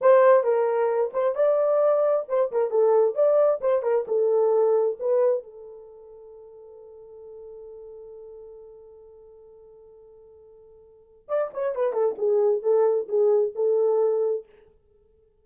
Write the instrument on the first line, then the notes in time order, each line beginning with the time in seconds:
horn
0.01 C5
0.43 A#4
1.13 C5
1.35 D5
2.28 C5
2.51 A#4
2.70 A4
3.15 D5
3.60 C5
3.82 A#4
4.07 A4
4.99 B4
5.43 A4
11.28 D5
11.53 C#5
11.75 B4
11.92 A4
12.18 G#4
12.62 A4
13.08 G#4
13.55 A4